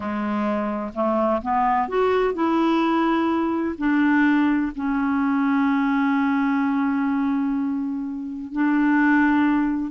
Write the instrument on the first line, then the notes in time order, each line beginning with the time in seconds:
clarinet
0.00 G#3
0.94 A3
1.42 B3
1.88 F#4
2.33 E4
3.78 D4
4.75 C#4
8.52 D4